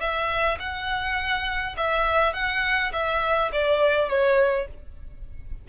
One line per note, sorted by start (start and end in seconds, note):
0.00 0.58 E5
0.59 1.76 F#5
1.77 2.34 E5
2.34 2.92 F#5
2.93 3.51 E5
3.52 4.09 D5
4.09 4.68 C#5